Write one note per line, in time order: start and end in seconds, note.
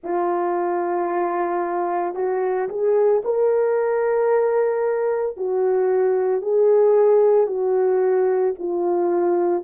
0.03 2.14 F4
2.14 2.68 F#4
2.68 3.22 G#4
3.24 5.36 A#4
5.36 6.41 F#4
6.41 7.47 G#4
7.47 8.54 F#4
8.59 9.63 F4